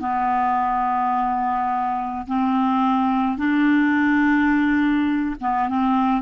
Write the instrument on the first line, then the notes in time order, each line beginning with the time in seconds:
clarinet
0.00 B3
2.27 C4
3.38 D4
5.41 B3
5.69 C4